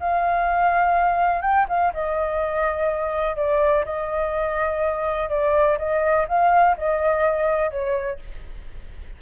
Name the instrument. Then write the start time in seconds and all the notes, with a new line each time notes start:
flute
0.00 F5
1.42 G5
1.69 F5
1.94 D#5
3.37 D5
3.86 D#5
5.30 D5
5.78 D#5
6.28 F5
6.78 D#5
7.71 C#5